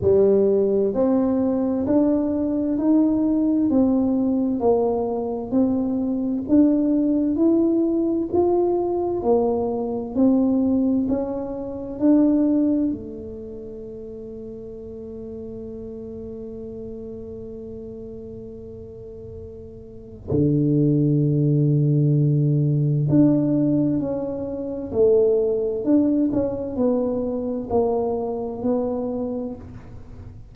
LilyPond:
\new Staff \with { instrumentName = "tuba" } { \time 4/4 \tempo 4 = 65 g4 c'4 d'4 dis'4 | c'4 ais4 c'4 d'4 | e'4 f'4 ais4 c'4 | cis'4 d'4 a2~ |
a1~ | a2 d2~ | d4 d'4 cis'4 a4 | d'8 cis'8 b4 ais4 b4 | }